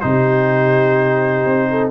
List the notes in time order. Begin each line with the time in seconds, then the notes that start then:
0.00 C3 D#4 G4 C5
1.46 C4
1.70 A4